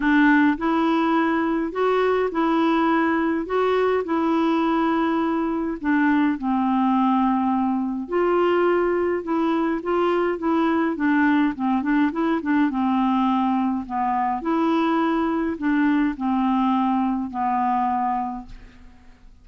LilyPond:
\new Staff \with { instrumentName = "clarinet" } { \time 4/4 \tempo 4 = 104 d'4 e'2 fis'4 | e'2 fis'4 e'4~ | e'2 d'4 c'4~ | c'2 f'2 |
e'4 f'4 e'4 d'4 | c'8 d'8 e'8 d'8 c'2 | b4 e'2 d'4 | c'2 b2 | }